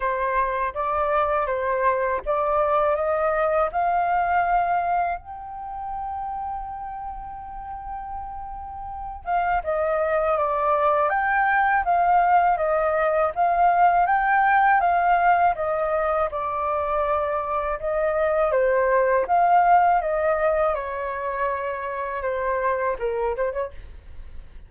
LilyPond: \new Staff \with { instrumentName = "flute" } { \time 4/4 \tempo 4 = 81 c''4 d''4 c''4 d''4 | dis''4 f''2 g''4~ | g''1~ | g''8 f''8 dis''4 d''4 g''4 |
f''4 dis''4 f''4 g''4 | f''4 dis''4 d''2 | dis''4 c''4 f''4 dis''4 | cis''2 c''4 ais'8 c''16 cis''16 | }